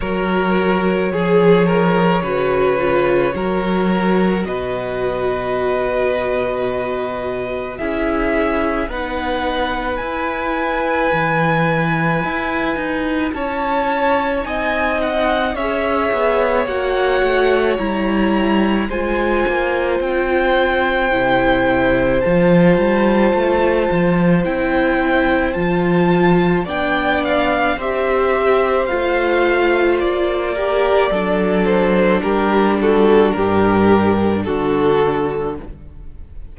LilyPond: <<
  \new Staff \with { instrumentName = "violin" } { \time 4/4 \tempo 4 = 54 cis''1 | dis''2. e''4 | fis''4 gis''2. | a''4 gis''8 fis''8 e''4 fis''4 |
ais''4 gis''4 g''2 | a''2 g''4 a''4 | g''8 f''8 e''4 f''4 d''4~ | d''8 c''8 ais'8 a'8 ais'4 a'4 | }
  \new Staff \with { instrumentName = "violin" } { \time 4/4 ais'4 gis'8 ais'8 b'4 ais'4 | b'2. gis'4 | b'1 | cis''4 dis''4 cis''2~ |
cis''4 c''2.~ | c''1 | d''4 c''2~ c''8 ais'8 | a'4 g'8 fis'8 g'4 fis'4 | }
  \new Staff \with { instrumentName = "viola" } { \time 4/4 fis'4 gis'4 fis'8 f'8 fis'4~ | fis'2. e'4 | dis'4 e'2.~ | e'4 dis'4 gis'4 fis'4 |
e'4 f'2 e'4 | f'2 e'4 f'4 | d'4 g'4 f'4. g'8 | d'1 | }
  \new Staff \with { instrumentName = "cello" } { \time 4/4 fis4 f4 cis4 fis4 | b,2. cis'4 | b4 e'4 e4 e'8 dis'8 | cis'4 c'4 cis'8 b8 ais8 a8 |
g4 gis8 ais8 c'4 c4 | f8 g8 a8 f8 c'4 f4 | b4 c'4 a4 ais4 | fis4 g4 g,4 d4 | }
>>